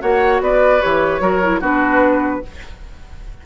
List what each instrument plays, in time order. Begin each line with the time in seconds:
0.00 bassoon A#3, clarinet F#4, oboe C#5, flute F#5
0.41 bassoon B3, oboe B4, flute D5
0.81 bassoon E3, clarinet G4, flute C#5
1.20 bassoon F#3, clarinet F#4, oboe A#4
1.42 clarinet E4
1.60 bassoon B3, clarinet D4, oboe F#4, flute B4